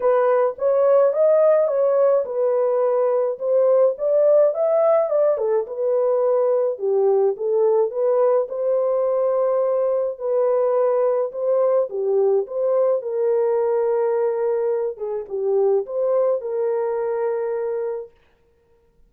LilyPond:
\new Staff \with { instrumentName = "horn" } { \time 4/4 \tempo 4 = 106 b'4 cis''4 dis''4 cis''4 | b'2 c''4 d''4 | e''4 d''8 a'8 b'2 | g'4 a'4 b'4 c''4~ |
c''2 b'2 | c''4 g'4 c''4 ais'4~ | ais'2~ ais'8 gis'8 g'4 | c''4 ais'2. | }